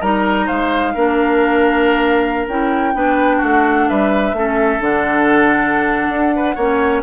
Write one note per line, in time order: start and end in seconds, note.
0.00 0.48 G3
0.00 0.96 D#4
0.00 0.46 A#4
0.00 0.47 A#5
0.46 0.95 G#3
0.46 0.93 C5
0.46 2.47 F5
0.94 2.48 A#3
0.94 2.48 D4
0.94 2.94 A#4
2.48 2.94 C#4
2.48 2.94 E4
2.48 3.42 G5
2.94 3.41 B3
2.94 4.35 D4
2.94 3.37 B4
3.37 3.89 A3
3.37 3.84 F#4
3.37 3.88 F#5
3.88 4.33 G3
3.88 4.36 B4
3.88 4.82 E5
4.33 4.79 A3
4.33 4.80 C#4
4.33 6.36 A4
4.80 6.08 D3
4.80 6.56 D4
4.80 7.03 F#5
6.08 6.55 D4
6.36 6.55 B4
6.55 7.03 A#3
6.55 7.03 C#4
6.55 7.02 C#5